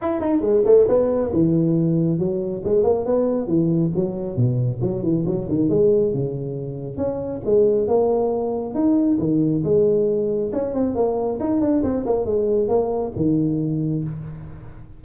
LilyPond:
\new Staff \with { instrumentName = "tuba" } { \time 4/4 \tempo 4 = 137 e'8 dis'8 gis8 a8 b4 e4~ | e4 fis4 gis8 ais8 b4 | e4 fis4 b,4 fis8 e8 | fis8 dis8 gis4 cis2 |
cis'4 gis4 ais2 | dis'4 dis4 gis2 | cis'8 c'8 ais4 dis'8 d'8 c'8 ais8 | gis4 ais4 dis2 | }